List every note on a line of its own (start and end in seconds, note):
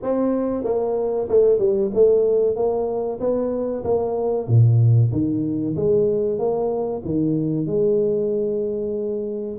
0.02 0.64 C4
0.64 1.28 A#3
1.29 1.58 A3
1.58 1.90 G3
1.94 2.55 A3
2.55 3.19 A#3
3.19 3.83 B3
3.84 4.47 A#3
4.47 5.11 A#2
5.12 5.75 D#3
5.76 6.38 G#3
6.38 7.02 A#3
7.04 7.66 D#3
7.66 9.57 G#3